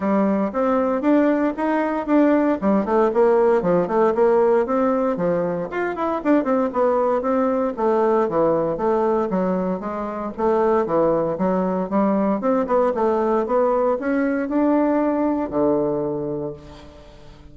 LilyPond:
\new Staff \with { instrumentName = "bassoon" } { \time 4/4 \tempo 4 = 116 g4 c'4 d'4 dis'4 | d'4 g8 a8 ais4 f8 a8 | ais4 c'4 f4 f'8 e'8 | d'8 c'8 b4 c'4 a4 |
e4 a4 fis4 gis4 | a4 e4 fis4 g4 | c'8 b8 a4 b4 cis'4 | d'2 d2 | }